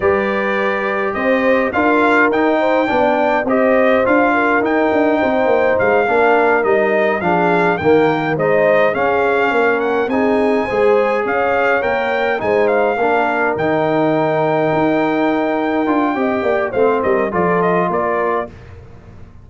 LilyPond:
<<
  \new Staff \with { instrumentName = "trumpet" } { \time 4/4 \tempo 4 = 104 d''2 dis''4 f''4 | g''2 dis''4 f''4 | g''2 f''4. dis''8~ | dis''8 f''4 g''4 dis''4 f''8~ |
f''4 fis''8 gis''2 f''8~ | f''8 g''4 gis''8 f''4. g''8~ | g''1~ | g''4 f''8 dis''8 d''8 dis''8 d''4 | }
  \new Staff \with { instrumentName = "horn" } { \time 4/4 b'2 c''4 ais'4~ | ais'8 c''8 d''4 c''4. ais'8~ | ais'4 c''4. ais'4.~ | ais'8 gis'4 ais'4 c''4 gis'8~ |
gis'8 ais'4 gis'4 c''4 cis''8~ | cis''4. c''4 ais'4.~ | ais'1 | dis''8 d''8 c''8 ais'8 a'4 ais'4 | }
  \new Staff \with { instrumentName = "trombone" } { \time 4/4 g'2. f'4 | dis'4 d'4 g'4 f'4 | dis'2~ dis'8 d'4 dis'8~ | dis'8 d'4 ais4 dis'4 cis'8~ |
cis'4. dis'4 gis'4.~ | gis'8 ais'4 dis'4 d'4 dis'8~ | dis'2.~ dis'8 f'8 | g'4 c'4 f'2 | }
  \new Staff \with { instrumentName = "tuba" } { \time 4/4 g2 c'4 d'4 | dis'4 b4 c'4 d'4 | dis'8 d'8 c'8 ais8 gis8 ais4 g8~ | g8 f4 dis4 gis4 cis'8~ |
cis'8 ais4 c'4 gis4 cis'8~ | cis'8 ais4 gis4 ais4 dis8~ | dis4. dis'2 d'8 | c'8 ais8 a8 g8 f4 ais4 | }
>>